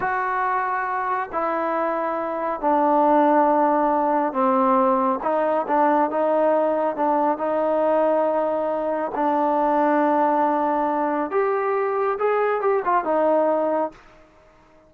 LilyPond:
\new Staff \with { instrumentName = "trombone" } { \time 4/4 \tempo 4 = 138 fis'2. e'4~ | e'2 d'2~ | d'2 c'2 | dis'4 d'4 dis'2 |
d'4 dis'2.~ | dis'4 d'2.~ | d'2 g'2 | gis'4 g'8 f'8 dis'2 | }